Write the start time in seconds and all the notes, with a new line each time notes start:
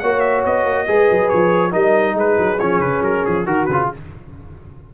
0.00 A#3 F#4 C#5 F#5
0.20 E5
0.46 B3 D#5
0.65 A#3
0.88 G#3 G#4 B4
1.11 F#3
1.29 F3 C#5
1.72 G3 D#4 A#4 D#5
2.15 G#3 G#4 B4
2.39 F#3
2.60 F3 C#4 C#5
2.80 C#3 B4
3.02 F#3 A#4
3.26 F3 G#4
3.46 D#3 F#4 A#4
3.66 C#3 B4
3.73 F4